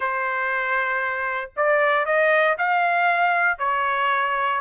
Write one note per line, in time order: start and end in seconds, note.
0.00 1.50 C5
1.56 2.05 D5
2.05 2.56 D#5
2.58 3.58 F5
3.58 4.60 C#5